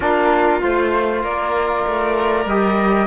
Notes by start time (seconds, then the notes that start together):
0.00 A#3 D4 F4 A#4
0.60 A3 F4 C5
1.22 A#3 A#4 D5
1.86 A3
2.45 G3 G4 D#5